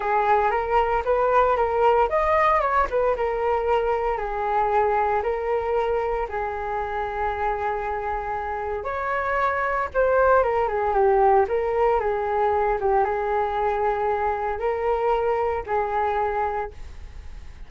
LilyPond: \new Staff \with { instrumentName = "flute" } { \time 4/4 \tempo 4 = 115 gis'4 ais'4 b'4 ais'4 | dis''4 cis''8 b'8 ais'2 | gis'2 ais'2 | gis'1~ |
gis'4 cis''2 c''4 | ais'8 gis'8 g'4 ais'4 gis'4~ | gis'8 g'8 gis'2. | ais'2 gis'2 | }